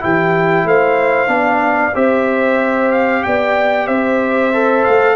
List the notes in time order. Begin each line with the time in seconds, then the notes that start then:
0.00 E3 E4 G4 G5
0.64 A3 C5 F5
1.27 B3 D4 D5
1.94 C4 G4 C5 E5
2.91 F5
3.23 B3 D5 G5
3.87 C4 C5 E5
4.53 A4
4.84 A3 F5